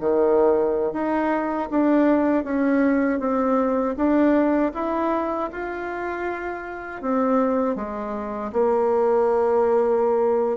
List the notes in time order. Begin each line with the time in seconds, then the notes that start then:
0.00 D#3
0.93 D#4
1.71 D4
2.44 C#4
3.20 C4
3.96 D4
4.74 E4
5.52 F4
7.02 C4
7.76 G#3
8.52 A#3